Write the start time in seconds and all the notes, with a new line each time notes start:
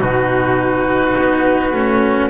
0.00 B2 D#4 F#4 B4
1.18 B3
1.73 A3 C#4